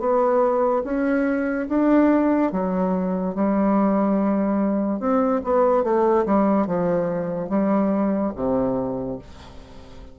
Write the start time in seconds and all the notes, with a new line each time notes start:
0.00 B3
0.84 C#4
1.69 D4
2.52 F#3
3.35 G3
5.00 C4
5.44 B3
5.84 A3
6.26 G3
6.67 F3
7.50 G3
8.36 C3